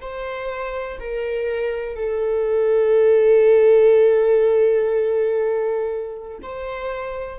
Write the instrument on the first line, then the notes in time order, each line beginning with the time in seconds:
viola
0.00 C5
1.00 A#4
1.95 A4
6.42 C5